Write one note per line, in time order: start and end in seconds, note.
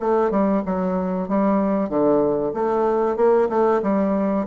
0.00 0.31 A3
0.31 0.63 G3
0.66 1.28 F#3
1.28 1.89 G3
1.89 2.53 D3
2.54 3.16 A3
3.16 3.48 A#3
3.49 3.81 A3
3.82 4.46 G3